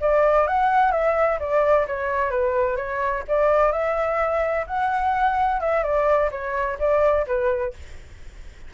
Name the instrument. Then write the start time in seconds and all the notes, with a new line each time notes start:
flute
0.00 D5
0.47 F#5
0.91 E5
1.39 D5
1.87 C#5
2.30 B4
2.76 C#5
3.28 D5
3.72 E5
4.66 F#5
5.60 E5
5.83 D5
6.31 C#5
6.79 D5
7.27 B4